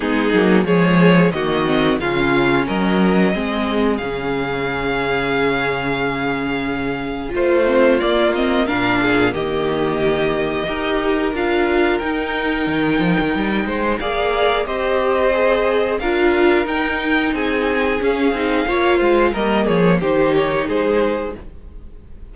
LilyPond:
<<
  \new Staff \with { instrumentName = "violin" } { \time 4/4 \tempo 4 = 90 gis'4 cis''4 dis''4 f''4 | dis''2 f''2~ | f''2. c''4 | d''8 dis''8 f''4 dis''2~ |
dis''4 f''4 g''2~ | g''4 f''4 dis''2 | f''4 g''4 gis''4 f''4~ | f''4 dis''8 cis''8 c''8 cis''8 c''4 | }
  \new Staff \with { instrumentName = "violin" } { \time 4/4 dis'4 gis'4 fis'4 f'4 | ais'4 gis'2.~ | gis'2. f'4~ | f'4 ais'8 gis'8 g'2 |
ais'1~ | ais'8 c''8 d''4 c''2 | ais'2 gis'2 | cis''8 c''8 ais'8 gis'8 g'4 gis'4 | }
  \new Staff \with { instrumentName = "viola" } { \time 4/4 b8 ais8 gis4 ais8 c'8 cis'4~ | cis'4 c'4 cis'2~ | cis'2. f'8 c'8 | ais8 c'8 d'4 ais2 |
g'4 f'4 dis'2~ | dis'4 gis'4 g'4 gis'4 | f'4 dis'2 cis'8 dis'8 | f'4 ais4 dis'2 | }
  \new Staff \with { instrumentName = "cello" } { \time 4/4 gis8 fis8 f4 dis4 cis4 | fis4 gis4 cis2~ | cis2. a4 | ais4 ais,4 dis2 |
dis'4 d'4 dis'4 dis8 f16 dis16 | g8 gis8 ais4 c'2 | d'4 dis'4 c'4 cis'8 c'8 | ais8 gis8 g8 f8 dis4 gis4 | }
>>